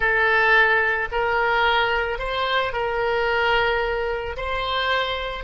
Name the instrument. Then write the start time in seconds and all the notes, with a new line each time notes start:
oboe
0.00 A4
1.11 A#4
2.18 C5
2.72 A#4
4.37 C5